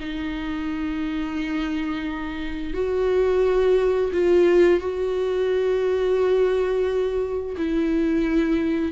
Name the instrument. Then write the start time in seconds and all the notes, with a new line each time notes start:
viola
0.00 D#4
2.74 F#4
4.12 F4
4.80 F#4
7.57 E4